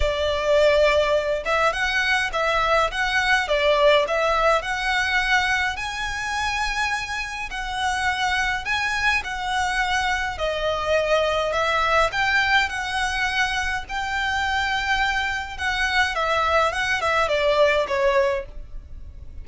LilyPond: \new Staff \with { instrumentName = "violin" } { \time 4/4 \tempo 4 = 104 d''2~ d''8 e''8 fis''4 | e''4 fis''4 d''4 e''4 | fis''2 gis''2~ | gis''4 fis''2 gis''4 |
fis''2 dis''2 | e''4 g''4 fis''2 | g''2. fis''4 | e''4 fis''8 e''8 d''4 cis''4 | }